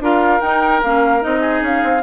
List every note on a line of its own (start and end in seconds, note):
0.00 0.41 D4
0.00 0.42 F4
0.00 1.41 A#4
0.00 0.41 F5
0.41 0.82 D#4
0.41 0.83 D#4
0.41 0.82 G5
0.83 1.24 A#3
0.83 1.21 C#4
0.83 1.23 F5
1.21 1.62 C4
1.21 2.02 D#4
1.21 1.64 D#5
1.41 2.02 G#4
1.62 1.82 C#4
1.62 2.03 F5
1.84 2.03 C4